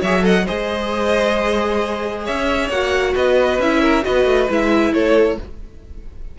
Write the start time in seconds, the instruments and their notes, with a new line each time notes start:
0.00 cello F#3, viola G#4, violin C#5 E5
0.21 viola A4, violin D#5 F#5
0.45 cello G#3, viola G#4, violin C5 D#5
2.24 cello C#4, violin C#5 E5
2.69 cello A#3, viola F#4, violin F#5
3.15 cello B3, violin B4 D#5
3.58 cello C#4, viola E4, violin E5
3.81 violin A#4
4.03 cello B3, viola F#4, violin B4 D#5
4.25 cello A3
4.49 cello G#3, viola E4, violin E5
4.92 cello A3, violin A4 C#5